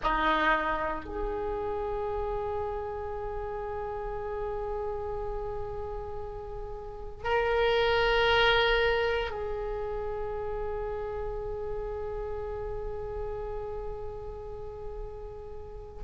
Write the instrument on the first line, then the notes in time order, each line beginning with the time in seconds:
oboe
0.03 D#4
1.04 G#4
7.24 A#4
9.31 G#4